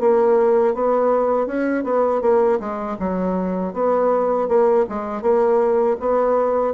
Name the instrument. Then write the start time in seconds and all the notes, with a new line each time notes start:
bassoon
0.00 A#3
0.74 B3
1.47 C#4
1.84 B3
2.22 A#3
2.60 G#3
3.00 F#3
3.74 B3
4.48 A#3
4.89 G#3
5.22 A#3
6.00 B3